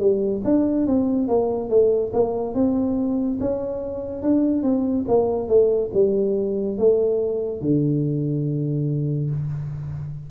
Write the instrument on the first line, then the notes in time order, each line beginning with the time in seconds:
tuba
0.00 G3
0.45 D4
0.87 C4
1.28 A#3
1.70 A3
2.14 A#3
2.55 C4
3.41 C#4
4.23 D4
4.63 C4
5.09 A#3
5.49 A3
5.94 G3
6.78 A3
7.62 D3